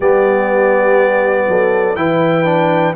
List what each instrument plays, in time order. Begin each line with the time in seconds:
0.00 tuba G3, trombone B3, horn G4, trumpet D5
1.47 tuba F#3, horn A4
1.95 tuba E3, trombone E4, horn B4, trumpet G5
2.44 trombone D4